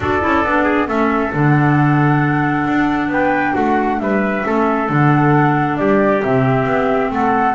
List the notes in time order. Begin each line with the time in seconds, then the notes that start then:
0.00 D4 F#4 A4 D5
0.21 C#4 E4
0.44 B3 D4
0.64 G#4
0.87 A3 C#4 A4 E5
1.33 D3 D4 F#5
2.67 D4
3.08 B3 B4 G5
3.53 A3 F#4 F#5
3.99 G3 B4 E5
4.44 A3 C#4 A4
4.87 D3 D4 F#5
5.77 G3 G4 D5
6.21 C3 C4 E5
6.65 B3
7.10 A3 A4 F#5